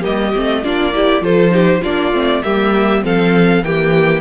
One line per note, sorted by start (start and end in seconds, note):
0.00 0.35 G3
0.00 0.32 A#3
0.00 0.60 G4
0.00 0.64 D#5
0.35 0.65 A3
0.35 0.64 C4
0.64 1.21 A#3
0.64 0.93 D4
0.64 0.94 F4
0.64 1.23 D5
0.93 1.22 E4
0.93 1.24 G4
1.21 1.81 F3
1.21 1.50 F4
1.21 1.53 A4
1.21 1.83 C5
1.50 1.80 D#4
1.50 1.81 G4
1.81 2.12 A#3
1.81 2.13 D4
1.81 2.41 F4
1.81 2.42 D5
2.12 2.42 A3
2.12 2.43 C4
2.42 3.03 G3
2.42 3.02 A#3
2.42 3.04 G4
2.42 3.02 E5
3.02 3.62 F3
3.02 3.62 C4
3.02 3.64 A4
3.02 3.64 F5
3.62 4.20 E3
3.62 4.20 A#3
3.62 4.20 G4
3.62 4.20 G5